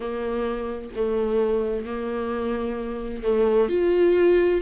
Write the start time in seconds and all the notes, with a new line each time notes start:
0.00 A#3
0.95 A3
1.85 A#3
3.23 A3
3.68 F4